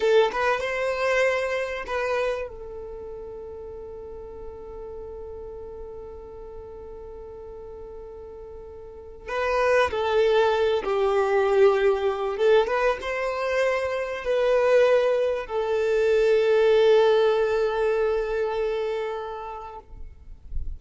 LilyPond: \new Staff \with { instrumentName = "violin" } { \time 4/4 \tempo 4 = 97 a'8 b'8 c''2 b'4 | a'1~ | a'1~ | a'2. b'4 |
a'4. g'2~ g'8 | a'8 b'8 c''2 b'4~ | b'4 a'2.~ | a'1 | }